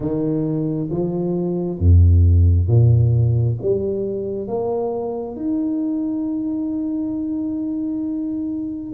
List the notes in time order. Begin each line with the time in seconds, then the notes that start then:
0.00 D#3
0.90 F3
1.79 F2
2.67 A#2
3.61 G3
4.47 A#3
5.35 D#4